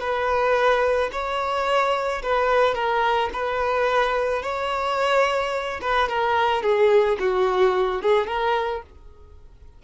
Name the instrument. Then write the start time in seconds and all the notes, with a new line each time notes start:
violin
0.00 B4
1.12 C#5
2.22 B4
2.74 A#4
3.33 B4
4.42 C#5
5.81 B4
6.09 A#4
6.62 G#4
7.19 F#4
8.02 G#4
8.27 A#4